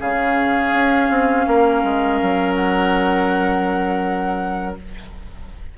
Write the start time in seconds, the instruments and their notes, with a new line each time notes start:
0.00 bassoon C#3, clarinet C#4, oboe G#4, flute F5
0.73 bassoon C#4
1.10 bassoon C4
1.47 bassoon A#3, oboe A#4
1.84 bassoon G#3
2.22 bassoon F#3
2.55 flute F#5